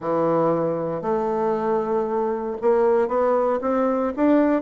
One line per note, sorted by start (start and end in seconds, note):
0.00 1.01 E3
1.01 2.56 A3
2.61 3.08 A#3
3.08 3.59 B3
3.61 4.12 C4
4.16 4.62 D4